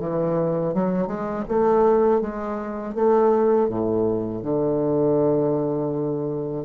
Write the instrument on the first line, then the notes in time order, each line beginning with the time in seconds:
bassoon
0.00 E3
0.74 F#3
1.07 G#3
1.48 A3
2.21 G#3
2.95 A3
3.69 A2
4.43 D3